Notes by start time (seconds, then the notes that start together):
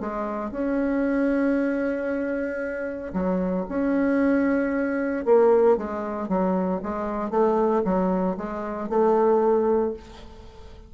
0.00 G#3
0.51 C#4
3.13 F#3
3.69 C#4
5.25 A#3
5.77 G#3
6.28 F#3
6.83 G#3
7.30 A3
7.84 F#3
8.37 G#3
8.89 A3